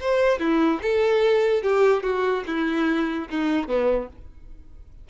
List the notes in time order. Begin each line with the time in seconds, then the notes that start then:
0.00 C5
0.39 E4
0.82 A4
1.63 G4
2.03 F#4
2.46 E4
3.30 D#4
3.67 B3